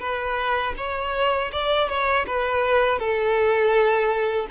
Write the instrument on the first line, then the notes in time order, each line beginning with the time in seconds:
violin
0.00 B4
0.77 C#5
1.52 D5
1.89 C#5
2.27 B4
2.99 A4